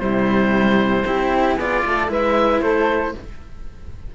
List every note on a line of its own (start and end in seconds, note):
0.00 1.05 C3
0.00 1.05 G3
0.00 1.07 E4
0.00 1.57 C5
1.05 1.57 C4
1.05 1.59 E4
1.05 1.57 G4
1.57 1.83 B3
1.57 2.08 F4
1.57 1.83 G#4
1.57 2.12 D5
1.86 2.09 A3
1.86 2.11 A4
2.08 2.62 G#3
2.08 3.12 E4
2.08 2.63 B4
2.08 2.62 E5
2.62 3.15 A3
2.62 3.16 A4
2.62 3.14 C5